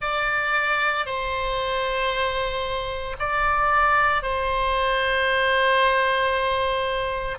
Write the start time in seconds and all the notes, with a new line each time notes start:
0.00 D5
1.05 C5
3.19 D5
4.22 C5